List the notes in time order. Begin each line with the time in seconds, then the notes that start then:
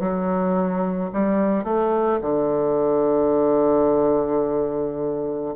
0.00 F#3
1.14 G3
1.64 A3
2.22 D3